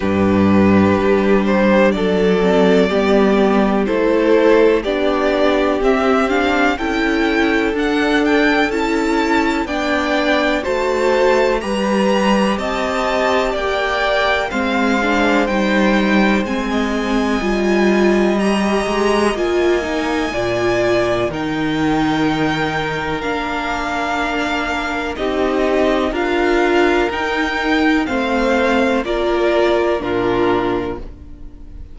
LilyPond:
<<
  \new Staff \with { instrumentName = "violin" } { \time 4/4 \tempo 4 = 62 b'4. c''8 d''2 | c''4 d''4 e''8 f''8 g''4 | fis''8 g''8 a''4 g''4 a''4 | ais''4 a''4 g''4 f''4 |
g''4 gis''2 ais''4 | gis''2 g''2 | f''2 dis''4 f''4 | g''4 f''4 d''4 ais'4 | }
  \new Staff \with { instrumentName = "violin" } { \time 4/4 g'2 a'4 g'4 | a'4 g'2 a'4~ | a'2 d''4 c''4 | b'4 dis''4 d''4 c''4~ |
c''4~ c''16 dis''2~ dis''8.~ | dis''4 d''4 ais'2~ | ais'2 g'4 ais'4~ | ais'4 c''4 ais'4 f'4 | }
  \new Staff \with { instrumentName = "viola" } { \time 4/4 d'2~ d'8 c'8 b4 | e'4 d'4 c'8 d'8 e'4 | d'4 e'4 d'4 fis'4 | g'2. c'8 d'8 |
dis'4 c'4 f'4 g'4 | f'8 dis'8 f'4 dis'2 | d'2 dis'4 f'4 | dis'4 c'4 f'4 d'4 | }
  \new Staff \with { instrumentName = "cello" } { \time 4/4 g,4 g4 fis4 g4 | a4 b4 c'4 cis'4 | d'4 cis'4 b4 a4 | g4 c'4 ais4 gis4 |
g4 gis4 g4. gis8 | ais4 ais,4 dis2 | ais2 c'4 d'4 | dis'4 a4 ais4 ais,4 | }
>>